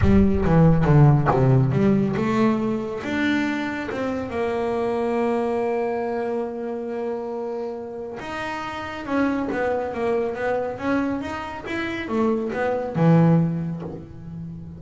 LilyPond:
\new Staff \with { instrumentName = "double bass" } { \time 4/4 \tempo 4 = 139 g4 e4 d4 c4 | g4 a2 d'4~ | d'4 c'4 ais2~ | ais1~ |
ais2. dis'4~ | dis'4 cis'4 b4 ais4 | b4 cis'4 dis'4 e'4 | a4 b4 e2 | }